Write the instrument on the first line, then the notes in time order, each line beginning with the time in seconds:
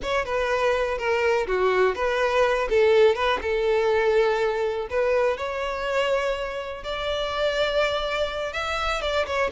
violin
0.02 C#5
0.25 B4
0.98 A#4
1.47 F#4
1.95 B4
2.69 A4
3.15 B4
3.41 A4
4.90 B4
5.37 C#5
6.83 D5
8.53 E5
9.01 D5
9.26 C#5